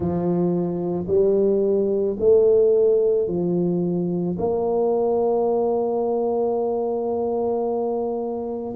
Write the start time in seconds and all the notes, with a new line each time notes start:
0.00 F3
1.07 G3
2.19 A3
3.27 F3
4.38 A#3